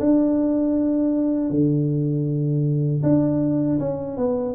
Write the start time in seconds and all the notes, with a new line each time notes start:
0.00 D4
1.51 D3
3.03 D4
3.80 C#4
4.17 B3